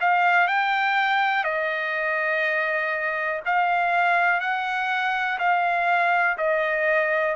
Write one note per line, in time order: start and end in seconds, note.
0.00 0.47 F5
0.47 1.44 G5
1.44 3.40 D#5
3.45 4.40 F5
4.40 5.38 F#5
5.39 6.37 F5
6.38 7.35 D#5